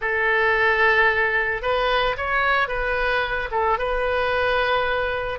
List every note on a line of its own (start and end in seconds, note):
0.01 1.62 A4
1.62 2.16 B4
2.17 2.68 C#5
2.68 3.49 B4
3.51 3.78 A4
3.78 5.39 B4